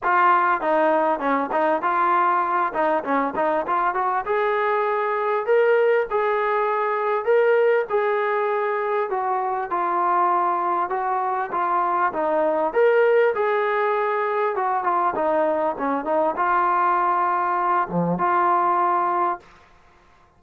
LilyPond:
\new Staff \with { instrumentName = "trombone" } { \time 4/4 \tempo 4 = 99 f'4 dis'4 cis'8 dis'8 f'4~ | f'8 dis'8 cis'8 dis'8 f'8 fis'8 gis'4~ | gis'4 ais'4 gis'2 | ais'4 gis'2 fis'4 |
f'2 fis'4 f'4 | dis'4 ais'4 gis'2 | fis'8 f'8 dis'4 cis'8 dis'8 f'4~ | f'4. f8 f'2 | }